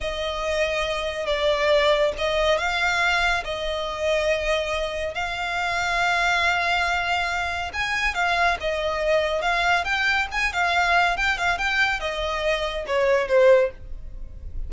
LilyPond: \new Staff \with { instrumentName = "violin" } { \time 4/4 \tempo 4 = 140 dis''2. d''4~ | d''4 dis''4 f''2 | dis''1 | f''1~ |
f''2 gis''4 f''4 | dis''2 f''4 g''4 | gis''8 f''4. g''8 f''8 g''4 | dis''2 cis''4 c''4 | }